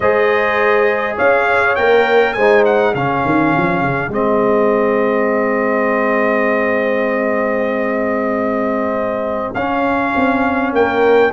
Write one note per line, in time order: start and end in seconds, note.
0.00 1.17 G#3
0.00 1.78 G#4
0.00 1.16 C5
0.00 1.17 D#5
1.16 1.77 C#4
1.16 2.34 C#5
1.16 1.75 F5
1.75 2.36 A#3
1.75 2.37 A#4
1.75 2.33 G5
2.33 2.94 G#3
2.33 2.95 C5
2.33 2.63 G#5
2.40 2.95 D#4
2.65 2.94 F#5
2.94 3.23 C#3
2.94 4.11 C#4
2.94 10.75 G#4
2.94 4.12 F5
3.25 3.54 D#3
3.57 3.81 F3
3.81 4.08 C#3
4.08 9.53 G#3
4.08 9.55 C4
4.08 9.54 D#5
9.54 10.13 C#4
9.54 11.33 C#4
9.54 10.72 F5
10.15 10.72 C4
10.72 11.31 A#3
10.72 11.33 A#4
10.72 11.33 G5